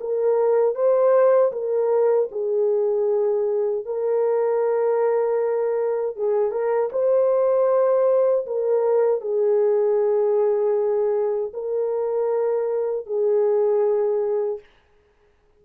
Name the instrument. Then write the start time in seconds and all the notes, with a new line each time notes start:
horn
0.00 A#4
0.75 C5
1.52 A#4
2.31 G#4
3.85 A#4
6.16 G#4
6.51 A#4
6.92 C5
8.46 A#4
9.21 G#4
11.53 A#4
13.06 G#4